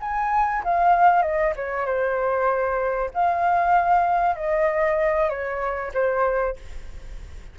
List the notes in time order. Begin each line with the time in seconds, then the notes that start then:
0.00 G#5
0.63 F5
1.22 D#5
1.55 C#5
1.86 C5
3.13 F5
4.36 D#5
5.29 C#5
5.93 C5